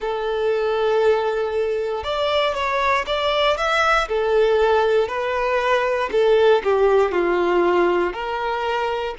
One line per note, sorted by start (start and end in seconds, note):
0.00 2.03 A4
2.03 2.54 D5
2.54 3.05 C#5
3.06 3.57 D5
3.57 4.08 E5
4.08 5.08 A4
5.08 6.09 B4
6.11 6.62 A4
6.63 7.11 G4
7.11 8.13 F4
8.13 9.14 A#4